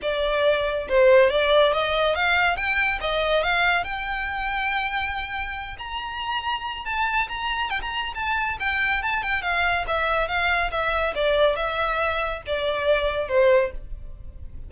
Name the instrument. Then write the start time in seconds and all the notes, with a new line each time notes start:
violin
0.02 D5
0.88 C5
1.30 D5
1.72 D#5
2.15 F5
2.56 G5
3.00 D#5
3.43 F5
3.84 G5
5.78 A#5
6.85 A5
7.28 A#5
7.69 G5
7.81 A#5
8.14 A5
8.59 G5
9.02 A5
9.22 G5
9.42 F5
9.87 E5
10.28 F5
10.71 E5
11.14 D5
11.56 E5
12.46 D5
13.28 C5